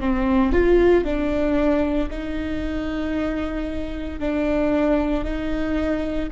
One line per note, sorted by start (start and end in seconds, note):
0.00 0.52 C4
0.52 1.04 F4
1.04 2.09 D4
2.10 4.19 D#4
4.19 5.24 D4
5.24 6.29 D#4